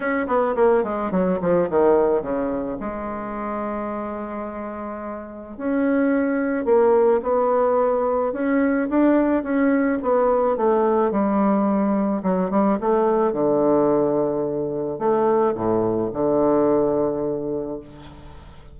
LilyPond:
\new Staff \with { instrumentName = "bassoon" } { \time 4/4 \tempo 4 = 108 cis'8 b8 ais8 gis8 fis8 f8 dis4 | cis4 gis2.~ | gis2 cis'2 | ais4 b2 cis'4 |
d'4 cis'4 b4 a4 | g2 fis8 g8 a4 | d2. a4 | a,4 d2. | }